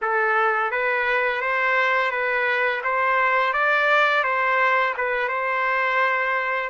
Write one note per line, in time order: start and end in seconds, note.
0.01 0.71 A4
0.71 1.41 B4
1.41 2.11 C5
2.11 2.81 B4
2.83 3.53 C5
3.53 4.23 D5
4.23 4.94 C5
4.97 5.28 B4
5.28 6.69 C5